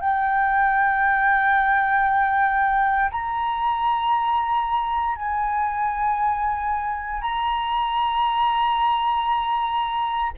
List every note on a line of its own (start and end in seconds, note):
0.00 3.10 G5
3.11 5.15 A#5
5.15 7.21 G#5
7.21 10.32 A#5